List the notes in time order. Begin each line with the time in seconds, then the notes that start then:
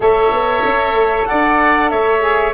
0.00 A3 A4 C#5 E5
0.31 B3
0.64 C#4
0.92 A3
1.25 D4 D5 F#5
1.89 A3 C#5 E5
2.19 G#4